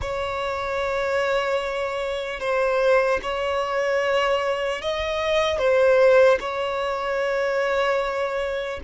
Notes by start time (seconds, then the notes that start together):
0.01 C#5
2.40 C5
3.22 C#5
4.81 D#5
5.58 C5
6.40 C#5